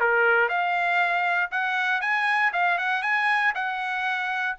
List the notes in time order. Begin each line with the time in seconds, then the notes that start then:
0.00 A#4
0.49 F5
1.51 F#5
2.01 G#5
2.53 F5
2.78 F#5
3.02 G#5
3.55 F#5